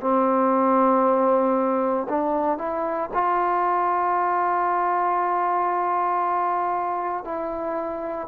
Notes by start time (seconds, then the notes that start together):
0.00 C4
2.08 D4
2.57 E4
3.13 F4
7.24 E4